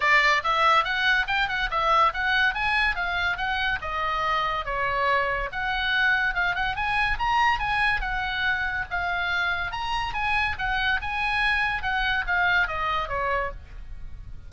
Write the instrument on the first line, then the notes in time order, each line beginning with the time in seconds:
oboe
0.00 D5
0.43 E5
0.84 F#5
1.27 G5
1.48 F#5
1.70 E5
2.13 F#5
2.54 G#5
2.95 F5
3.37 F#5
3.81 D#5
4.65 C#5
5.52 F#5
6.34 F5
6.55 F#5
6.75 G#5
7.18 A#5
7.59 G#5
8.01 F#5
8.90 F5
9.71 A#5
10.13 G#5
10.58 F#5
11.01 G#5
11.82 F#5
12.27 F5
12.67 D#5
13.08 C#5